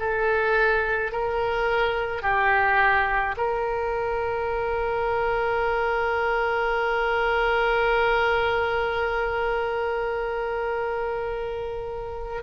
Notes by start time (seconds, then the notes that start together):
0.00 A4
1.12 A#4
2.22 G4
3.38 A#4